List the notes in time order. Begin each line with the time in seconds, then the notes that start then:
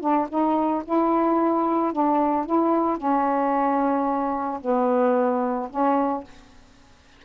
0.00 D4
0.29 D#4
0.84 E4
1.92 D4
2.45 E4
2.97 C#4
4.61 B3
5.70 C#4